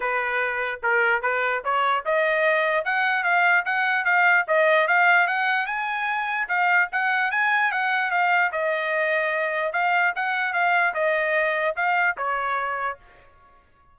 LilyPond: \new Staff \with { instrumentName = "trumpet" } { \time 4/4 \tempo 4 = 148 b'2 ais'4 b'4 | cis''4 dis''2 fis''4 | f''4 fis''4 f''4 dis''4 | f''4 fis''4 gis''2 |
f''4 fis''4 gis''4 fis''4 | f''4 dis''2. | f''4 fis''4 f''4 dis''4~ | dis''4 f''4 cis''2 | }